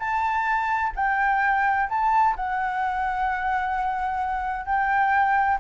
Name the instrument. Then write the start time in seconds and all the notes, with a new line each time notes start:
flute
0.00 A5
0.96 G5
1.90 A5
2.36 F#5
4.66 G5